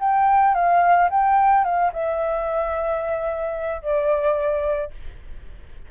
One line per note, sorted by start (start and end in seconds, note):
0.00 0.55 G5
0.55 1.09 F5
1.10 1.65 G5
1.65 1.92 F5
1.93 3.82 E5
3.82 4.91 D5